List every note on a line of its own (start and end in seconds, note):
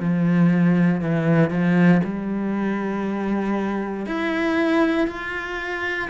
0.00 1.01 F3
1.01 1.50 E3
1.50 2.01 F3
2.04 4.06 G3
4.06 5.08 E4
5.08 6.09 F4